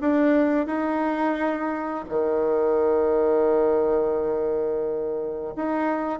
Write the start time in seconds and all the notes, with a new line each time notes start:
0.00 D4
0.66 D#4
2.09 D#3
5.55 D#4